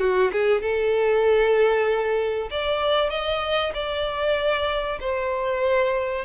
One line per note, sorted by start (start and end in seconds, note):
0.00 0.31 F#4
0.32 0.62 G#4
0.62 2.49 A4
2.51 3.10 D5
3.10 3.73 D#5
3.74 4.99 D5
5.01 6.26 C5